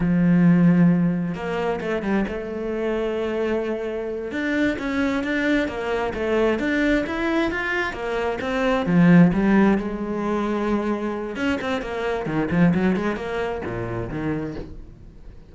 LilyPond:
\new Staff \with { instrumentName = "cello" } { \time 4/4 \tempo 4 = 132 f2. ais4 | a8 g8 a2.~ | a4. d'4 cis'4 d'8~ | d'8 ais4 a4 d'4 e'8~ |
e'8 f'4 ais4 c'4 f8~ | f8 g4 gis2~ gis8~ | gis4 cis'8 c'8 ais4 dis8 f8 | fis8 gis8 ais4 ais,4 dis4 | }